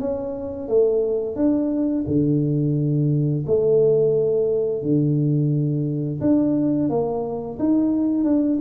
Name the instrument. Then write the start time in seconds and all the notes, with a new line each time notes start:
tuba
0.00 C#4
0.68 A3
1.36 D4
2.07 D3
3.47 A3
4.82 D3
6.21 D4
6.89 A#3
7.59 D#4
8.24 D4